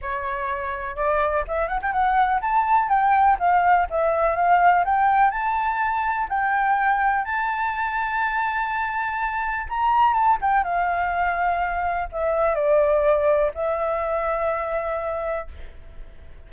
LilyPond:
\new Staff \with { instrumentName = "flute" } { \time 4/4 \tempo 4 = 124 cis''2 d''4 e''8 fis''16 g''16 | fis''4 a''4 g''4 f''4 | e''4 f''4 g''4 a''4~ | a''4 g''2 a''4~ |
a''1 | ais''4 a''8 g''8 f''2~ | f''4 e''4 d''2 | e''1 | }